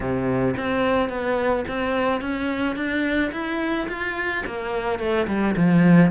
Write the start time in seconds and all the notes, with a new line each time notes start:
0.00 C3
0.57 C4
1.09 B3
1.67 C4
2.21 C#4
2.76 D4
3.32 E4
3.89 F4
4.46 A#3
4.99 A3
5.27 G3
5.56 F3